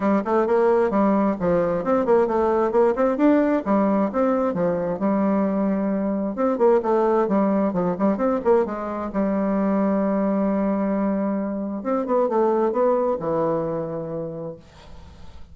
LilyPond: \new Staff \with { instrumentName = "bassoon" } { \time 4/4 \tempo 4 = 132 g8 a8 ais4 g4 f4 | c'8 ais8 a4 ais8 c'8 d'4 | g4 c'4 f4 g4~ | g2 c'8 ais8 a4 |
g4 f8 g8 c'8 ais8 gis4 | g1~ | g2 c'8 b8 a4 | b4 e2. | }